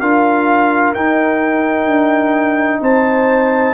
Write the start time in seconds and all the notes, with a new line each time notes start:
0.00 D4 F4 A#4 F5
0.95 D#4 G5
1.86 D4
2.81 C4 C5 A5